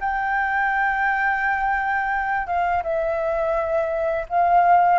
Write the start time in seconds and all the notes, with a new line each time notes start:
0.00 G5
2.46 F5
2.83 E5
4.29 F5